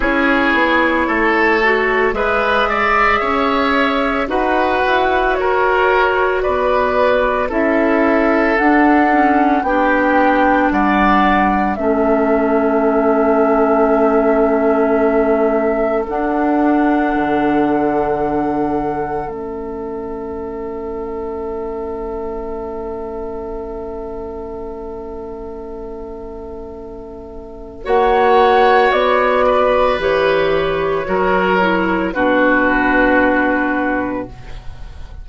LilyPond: <<
  \new Staff \with { instrumentName = "flute" } { \time 4/4 \tempo 4 = 56 cis''2 e''2 | fis''4 cis''4 d''4 e''4 | fis''4 g''4 fis''4 e''4~ | e''2. fis''4~ |
fis''2 e''2~ | e''1~ | e''2 fis''4 d''4 | cis''2 b'2 | }
  \new Staff \with { instrumentName = "oboe" } { \time 4/4 gis'4 a'4 b'8 d''8 cis''4 | b'4 ais'4 b'4 a'4~ | a'4 g'4 d''4 a'4~ | a'1~ |
a'1~ | a'1~ | a'2 cis''4. b'8~ | b'4 ais'4 fis'2 | }
  \new Staff \with { instrumentName = "clarinet" } { \time 4/4 e'4. fis'8 gis'2 | fis'2. e'4 | d'8 cis'8 d'2 cis'4~ | cis'2. d'4~ |
d'2 cis'2~ | cis'1~ | cis'2 fis'2 | g'4 fis'8 e'8 d'2 | }
  \new Staff \with { instrumentName = "bassoon" } { \time 4/4 cis'8 b8 a4 gis4 cis'4 | dis'8 e'8 fis'4 b4 cis'4 | d'4 b4 g4 a4~ | a2. d'4 |
d2 a2~ | a1~ | a2 ais4 b4 | e4 fis4 b,2 | }
>>